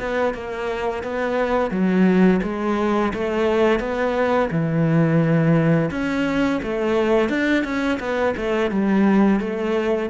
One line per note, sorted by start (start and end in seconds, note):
0.00 0.35 B3
0.35 1.04 A#3
1.04 1.71 B3
1.71 2.41 F#3
2.43 3.13 G#3
3.14 3.80 A3
3.80 4.50 B3
4.51 5.91 E3
5.91 6.61 C#4
6.63 7.30 A3
7.30 7.65 D4
7.65 7.99 C#4
8.00 8.35 B3
8.37 8.71 A3
8.71 9.41 G3
9.41 10.10 A3